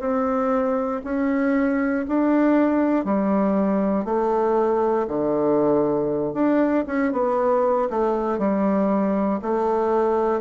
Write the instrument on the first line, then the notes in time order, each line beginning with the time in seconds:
bassoon
0.00 C4
1.04 C#4
2.08 D4
3.06 G3
4.05 A3
5.08 D3
6.34 D4
6.87 C#4
7.13 B3
7.90 A3
8.39 G3
9.42 A3